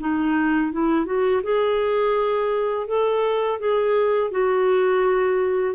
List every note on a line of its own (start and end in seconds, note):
0.00 0.72 D#4
0.72 1.05 E4
1.05 1.42 F#4
1.43 2.87 G#4
2.87 3.59 A4
3.59 4.31 G#4
4.31 5.75 F#4